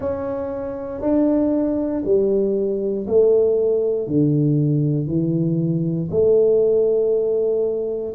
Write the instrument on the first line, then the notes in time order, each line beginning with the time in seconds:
tuba
0.00 C#4
1.01 D4
2.04 G3
3.07 A3
4.07 D3
5.07 E3
6.10 A3